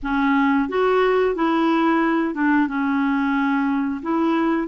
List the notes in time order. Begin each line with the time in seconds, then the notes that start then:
0.02 C#4
0.68 F#4
1.35 E4
2.34 D4
2.67 C#4
4.02 E4